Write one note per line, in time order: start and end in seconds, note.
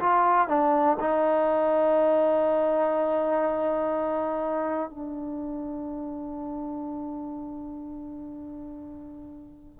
0.00 0.48 F4
0.48 0.97 D4
1.00 4.90 D#4
4.90 9.80 D4